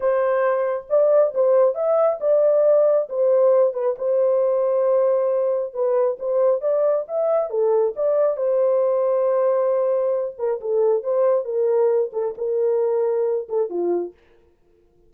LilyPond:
\new Staff \with { instrumentName = "horn" } { \time 4/4 \tempo 4 = 136 c''2 d''4 c''4 | e''4 d''2 c''4~ | c''8 b'8 c''2.~ | c''4 b'4 c''4 d''4 |
e''4 a'4 d''4 c''4~ | c''2.~ c''8 ais'8 | a'4 c''4 ais'4. a'8 | ais'2~ ais'8 a'8 f'4 | }